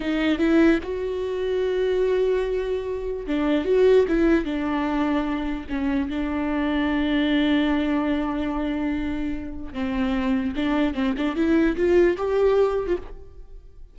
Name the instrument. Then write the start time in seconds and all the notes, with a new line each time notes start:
viola
0.00 D#4
0.38 E4
0.83 F#4
3.27 D4
3.64 F#4
4.08 E4
4.44 D4
5.69 C#4
6.09 D4
9.73 C4
10.56 D4
10.93 C4
11.17 D4
11.35 E4
11.76 F4
12.17 G4
12.86 F4